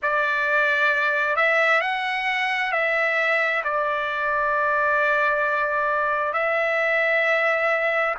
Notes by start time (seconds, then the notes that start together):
0.02 D5
1.36 E5
1.81 F#5
2.71 E5
3.64 D5
6.33 E5